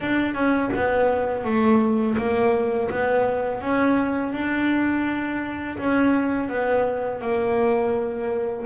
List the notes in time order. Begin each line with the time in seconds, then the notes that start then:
0.00 D4
0.34 C#4
0.75 B3
1.44 A3
2.17 A#3
2.90 B3
3.61 C#4
4.32 D4
5.78 C#4
6.49 B3
7.21 A#3